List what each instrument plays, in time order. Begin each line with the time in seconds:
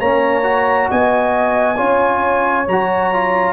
0.00 tuba A#3, trombone C#4, horn C#5, trumpet A#5
0.44 trombone F#4
0.91 tuba B3, horn D#5, trumpet G#5
1.77 tuba C#4, trombone F4, horn C#5
2.68 tuba F#3, trombone F#4, trumpet A#5
3.13 trombone F4